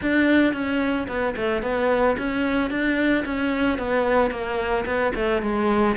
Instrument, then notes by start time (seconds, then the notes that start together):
cello
0.01 D4
0.53 C#4
1.07 B3
1.36 A3
1.62 B3
2.18 C#4
2.70 D4
3.25 C#4
3.78 B3
4.30 A#3
4.85 B3
5.15 A3
5.42 G#3